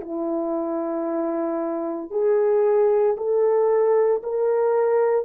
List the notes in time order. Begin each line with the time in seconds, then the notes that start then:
0.00 E4
2.11 G#4
3.17 A4
4.23 A#4